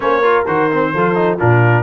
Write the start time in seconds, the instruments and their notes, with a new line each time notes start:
0.00 tuba A#3, trombone C#4, horn C5, trumpet C#5
0.21 trombone F4, horn A#4
0.46 tuba D#3, trombone F#4, trumpet C5
0.71 trombone C4
0.93 tuba F3, trombone F4, horn A4
1.14 trombone D#4
1.37 tuba A#2, trombone D4, horn F4, trumpet A#4